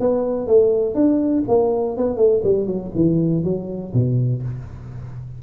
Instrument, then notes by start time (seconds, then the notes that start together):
tuba
0.00 B3
0.47 A3
0.95 D4
1.48 A#3
1.97 B3
2.17 A3
2.44 G3
2.67 F#3
2.95 E3
3.44 F#3
3.94 B2